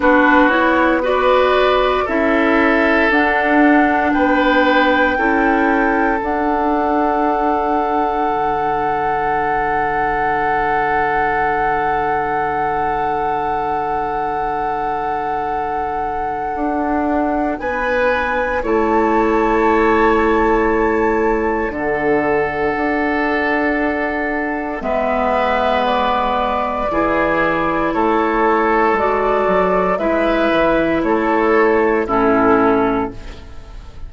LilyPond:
<<
  \new Staff \with { instrumentName = "flute" } { \time 4/4 \tempo 4 = 58 b'8 cis''8 d''4 e''4 fis''4 | g''2 fis''2~ | fis''1~ | fis''1~ |
fis''4 gis''4 a''2~ | a''4 fis''2. | e''4 d''2 cis''4 | d''4 e''4 cis''4 a'4 | }
  \new Staff \with { instrumentName = "oboe" } { \time 4/4 fis'4 b'4 a'2 | b'4 a'2.~ | a'1~ | a'1~ |
a'4 b'4 cis''2~ | cis''4 a'2. | b'2 gis'4 a'4~ | a'4 b'4 a'4 e'4 | }
  \new Staff \with { instrumentName = "clarinet" } { \time 4/4 d'8 e'8 fis'4 e'4 d'4~ | d'4 e'4 d'2~ | d'1~ | d'1~ |
d'2 e'2~ | e'4 d'2. | b2 e'2 | fis'4 e'2 cis'4 | }
  \new Staff \with { instrumentName = "bassoon" } { \time 4/4 b2 cis'4 d'4 | b4 cis'4 d'2 | d1~ | d1 |
d'4 b4 a2~ | a4 d4 d'2 | gis2 e4 a4 | gis8 fis8 gis8 e8 a4 a,4 | }
>>